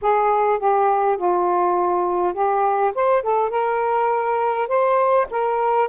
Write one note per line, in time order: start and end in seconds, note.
0.01 0.59 G#4
0.59 1.17 G4
1.17 2.33 F4
2.33 2.92 G4
2.94 3.22 C5
3.22 3.50 A4
3.50 4.67 A#4
4.67 5.26 C5
5.30 5.88 A#4